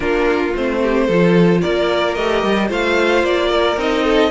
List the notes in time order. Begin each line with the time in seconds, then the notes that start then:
0.00 A#3 D4 F4 A#4
0.55 A3 C4 C5
0.82 G4
1.07 F3 F4 A4
1.61 A#3 A#4 D5
2.14 A3 G4 D#5
2.43 G3
2.68 A3 F4 C5 F5
3.23 A#3 D5
3.51 A#4
3.77 C4 D#4 D#5
4.04 A4